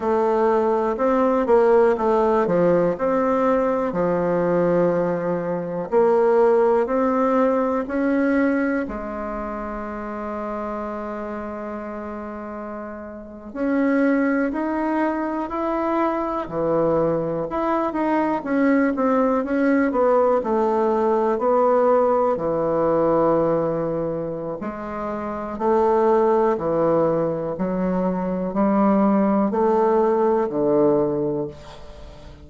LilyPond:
\new Staff \with { instrumentName = "bassoon" } { \time 4/4 \tempo 4 = 61 a4 c'8 ais8 a8 f8 c'4 | f2 ais4 c'4 | cis'4 gis2.~ | gis4.~ gis16 cis'4 dis'4 e'16~ |
e'8. e4 e'8 dis'8 cis'8 c'8 cis'16~ | cis'16 b8 a4 b4 e4~ e16~ | e4 gis4 a4 e4 | fis4 g4 a4 d4 | }